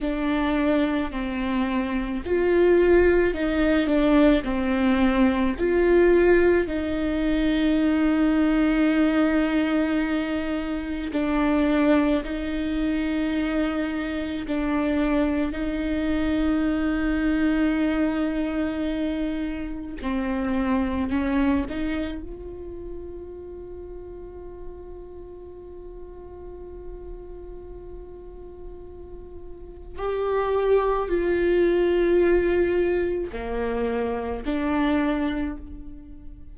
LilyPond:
\new Staff \with { instrumentName = "viola" } { \time 4/4 \tempo 4 = 54 d'4 c'4 f'4 dis'8 d'8 | c'4 f'4 dis'2~ | dis'2 d'4 dis'4~ | dis'4 d'4 dis'2~ |
dis'2 c'4 cis'8 dis'8 | f'1~ | f'2. g'4 | f'2 ais4 d'4 | }